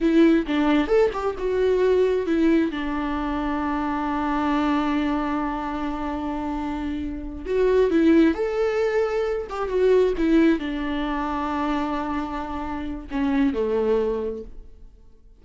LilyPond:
\new Staff \with { instrumentName = "viola" } { \time 4/4 \tempo 4 = 133 e'4 d'4 a'8 g'8 fis'4~ | fis'4 e'4 d'2~ | d'1~ | d'1~ |
d'8 fis'4 e'4 a'4.~ | a'4 g'8 fis'4 e'4 d'8~ | d'1~ | d'4 cis'4 a2 | }